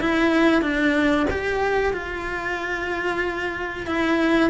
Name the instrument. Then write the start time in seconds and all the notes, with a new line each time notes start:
cello
0.00 E4
0.62 D4
1.30 G4
1.93 F4
3.87 E4